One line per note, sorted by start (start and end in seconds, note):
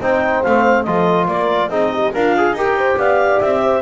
0.00 0.43 C4
0.00 0.44 D#4
0.00 0.85 C5
0.00 0.43 G5
0.43 0.87 A3
0.43 0.86 C4
0.43 0.83 F5
0.83 1.27 F3
0.83 1.70 F4
0.83 1.26 A4
0.83 1.25 D#5
1.26 1.69 A#3
1.26 1.69 A#4
1.26 1.70 D5
1.69 2.11 C4
1.69 2.13 D#4
1.69 1.90 G#4
1.69 2.12 D#5
1.92 2.13 G4
2.13 2.52 D4
2.13 2.56 F4
2.13 2.34 A#4
2.13 2.56 F5
2.37 2.57 G#4
2.52 2.95 D#4
2.52 3.82 G4
2.52 2.77 A#4
2.52 2.99 G5
2.77 2.98 C5
2.97 3.39 B3
2.97 3.62 D5
2.97 3.40 F5
3.40 3.82 C4
3.40 3.82 E5
3.63 3.82 C5